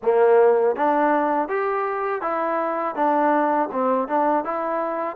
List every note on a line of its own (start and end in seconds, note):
0.02 0.76 A#3
0.76 1.48 D4
1.48 2.21 G4
2.21 2.95 E4
2.95 3.69 D4
3.72 4.07 C4
4.07 4.44 D4
4.44 5.16 E4